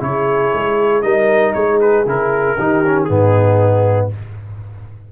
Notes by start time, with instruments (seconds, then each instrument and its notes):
0.00 tuba C#3, trombone E4, horn G#4, trumpet C#5
0.53 tuba G#3
1.02 tuba G3, trombone D#4, horn A#4, trumpet D#5
1.53 tuba G#3, horn G#4, trumpet C#5
1.81 trumpet B4
2.05 tuba C#3, trombone E4, trumpet A#4
2.57 tuba D#3, trombone D#4, horn G4
2.86 trombone C#4
3.04 tuba G#2, trombone B3, horn D#4, trumpet G#4